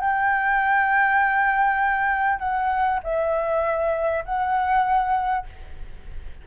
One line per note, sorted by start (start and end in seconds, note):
0.00 2.39 G5
2.39 2.99 F#5
3.03 4.24 E5
4.25 5.46 F#5